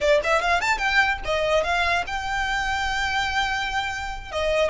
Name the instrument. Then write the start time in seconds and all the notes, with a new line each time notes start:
violin
0.01 D5
0.23 E5
0.41 F5
0.60 A5
0.78 G5
1.24 D#5
1.63 F5
2.06 G5
4.31 D#5